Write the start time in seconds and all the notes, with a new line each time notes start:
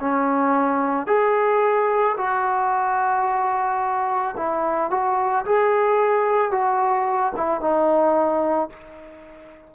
0.00 C#4
1.07 G#4
2.17 F#4
4.37 E4
4.90 F#4
5.45 G#4
6.51 F#4
7.36 E4
7.61 D#4